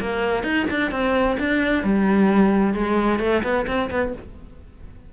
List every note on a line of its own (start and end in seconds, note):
0.00 0.43 A#3
0.43 0.66 D#4
0.71 0.91 D4
0.91 1.37 C4
1.39 1.84 D4
1.84 2.74 G3
2.74 3.20 G#3
3.20 3.42 A3
3.43 3.66 B3
3.67 3.90 C4
3.90 4.13 B3